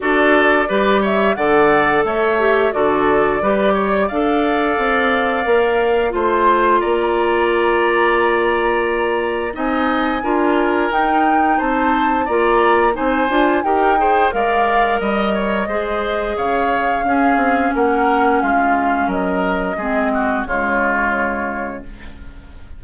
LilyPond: <<
  \new Staff \with { instrumentName = "flute" } { \time 4/4 \tempo 4 = 88 d''4. e''8 fis''4 e''4 | d''2 f''2~ | f''4 c'''4 ais''2~ | ais''2 gis''2 |
g''4 a''4 ais''4 gis''4 | g''4 f''4 dis''2 | f''2 fis''4 f''4 | dis''2 cis''2 | }
  \new Staff \with { instrumentName = "oboe" } { \time 4/4 a'4 b'8 cis''8 d''4 cis''4 | a'4 b'8 cis''8 d''2~ | d''4 c''4 d''2~ | d''2 dis''4 ais'4~ |
ais'4 c''4 d''4 c''4 | ais'8 c''8 d''4 dis''8 cis''8 c''4 | cis''4 gis'4 ais'4 f'4 | ais'4 gis'8 fis'8 f'2 | }
  \new Staff \with { instrumentName = "clarinet" } { \time 4/4 fis'4 g'4 a'4. g'8 | fis'4 g'4 a'2 | ais'4 f'2.~ | f'2 dis'4 f'4 |
dis'2 f'4 dis'8 f'8 | g'8 gis'8 ais'2 gis'4~ | gis'4 cis'2.~ | cis'4 c'4 gis2 | }
  \new Staff \with { instrumentName = "bassoon" } { \time 4/4 d'4 g4 d4 a4 | d4 g4 d'4 c'4 | ais4 a4 ais2~ | ais2 c'4 d'4 |
dis'4 c'4 ais4 c'8 d'8 | dis'4 gis4 g4 gis4 | cis4 cis'8 c'8 ais4 gis4 | fis4 gis4 cis2 | }
>>